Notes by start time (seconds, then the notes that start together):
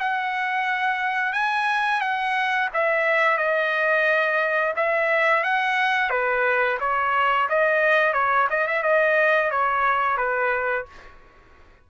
0.00 F#5
1.34 G#5
2.01 F#5
2.74 E5
3.38 D#5
4.77 E5
5.44 F#5
6.11 B4
6.81 C#5
7.50 D#5
8.14 C#5
8.51 D#5
8.67 E5
8.84 D#5
9.51 C#5
10.18 B4